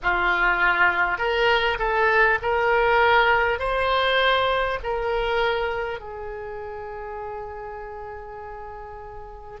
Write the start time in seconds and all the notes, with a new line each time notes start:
0.02 F4
1.18 A#4
1.78 A4
2.42 A#4
3.59 C5
4.83 A#4
6.00 G#4